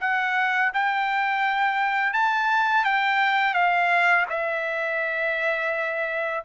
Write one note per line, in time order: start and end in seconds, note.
0.00 0.71 F#5
0.73 2.13 G5
2.13 2.84 A5
2.84 3.54 G5
3.54 4.25 F5
4.29 6.44 E5